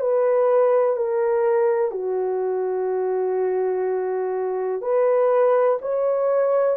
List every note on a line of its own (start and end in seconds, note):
0.00 0.96 B4
0.96 1.91 A#4
1.91 4.81 F#4
4.81 5.78 B4
5.82 6.77 C#5